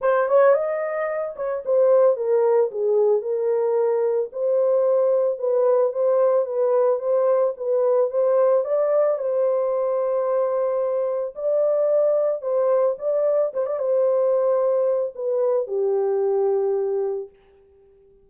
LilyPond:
\new Staff \with { instrumentName = "horn" } { \time 4/4 \tempo 4 = 111 c''8 cis''8 dis''4. cis''8 c''4 | ais'4 gis'4 ais'2 | c''2 b'4 c''4 | b'4 c''4 b'4 c''4 |
d''4 c''2.~ | c''4 d''2 c''4 | d''4 c''16 d''16 c''2~ c''8 | b'4 g'2. | }